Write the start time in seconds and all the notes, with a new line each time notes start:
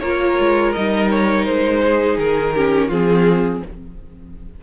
0.00 A#3 F4 A#4 C#5
0.39 G#3
0.72 G3 D#4 D#5
1.11 C#5
1.45 G#3 C5
1.85 G#4
2.18 D#3 A#4
2.55 C#4 G4
2.87 F3 C4 F4 G#4